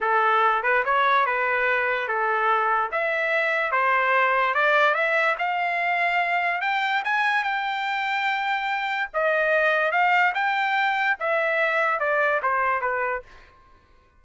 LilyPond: \new Staff \with { instrumentName = "trumpet" } { \time 4/4 \tempo 4 = 145 a'4. b'8 cis''4 b'4~ | b'4 a'2 e''4~ | e''4 c''2 d''4 | e''4 f''2. |
g''4 gis''4 g''2~ | g''2 dis''2 | f''4 g''2 e''4~ | e''4 d''4 c''4 b'4 | }